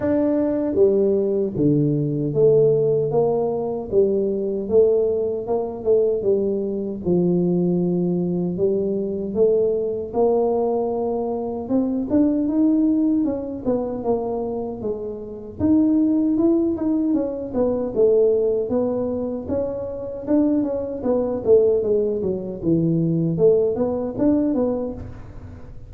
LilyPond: \new Staff \with { instrumentName = "tuba" } { \time 4/4 \tempo 4 = 77 d'4 g4 d4 a4 | ais4 g4 a4 ais8 a8 | g4 f2 g4 | a4 ais2 c'8 d'8 |
dis'4 cis'8 b8 ais4 gis4 | dis'4 e'8 dis'8 cis'8 b8 a4 | b4 cis'4 d'8 cis'8 b8 a8 | gis8 fis8 e4 a8 b8 d'8 b8 | }